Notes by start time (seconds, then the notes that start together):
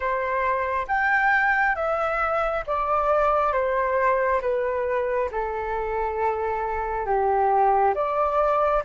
0.00 C5
0.87 G5
1.75 E5
2.66 D5
3.52 C5
4.41 B4
5.31 A4
7.05 G4
7.95 D5